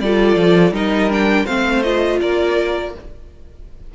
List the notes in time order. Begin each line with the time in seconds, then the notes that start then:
0.00 G3 F4 A4 D5
0.36 F3
0.72 G3 D#4 A#4 D#5
1.11 D4 G5
1.46 A3 C4 C5 F5
1.83 F4 D#5
2.21 A#3 A#4 D5